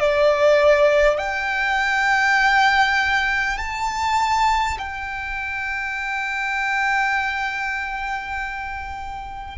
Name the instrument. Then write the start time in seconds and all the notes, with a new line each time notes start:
violin
0.00 D5
1.18 G5
3.57 A5
4.78 G5